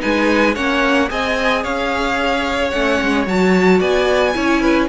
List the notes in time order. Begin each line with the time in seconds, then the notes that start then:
0.00 G#3 D#4 B4 G#5
0.55 A#3 C#4 C#5 F#5
1.08 C4 G#4 D#5 G#5
1.64 C#4 C#5 F5
2.71 A3 C#4 F#5
3.02 G#3
3.27 F#3 F#4 A5
3.79 B3 D5 G#5
4.34 C#4 E4 C#5
4.61 B4